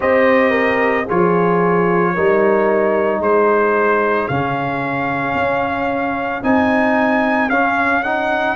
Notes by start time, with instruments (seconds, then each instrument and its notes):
0.00 tuba C4, trombone G4, horn C5, trumpet D#5
0.50 horn A#4
1.05 tuba F3, trombone F4, horn G#4, trumpet C#5
2.14 tuba G3, trombone D#4, horn A#4
3.19 tuba G#3, horn G#4, trumpet C5
4.28 tuba C#3, trombone C#4, trumpet F5
5.35 tuba C#4
6.42 tuba C4, trombone D#4, trumpet G#5
7.49 tuba C#4, trombone C#4, trumpet F5
8.03 trombone D#4, trumpet F#5